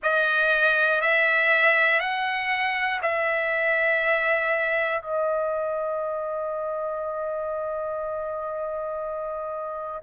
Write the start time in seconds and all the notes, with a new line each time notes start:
0.02 D#5
1.00 E5
2.00 F#5
3.02 E5
5.01 D#5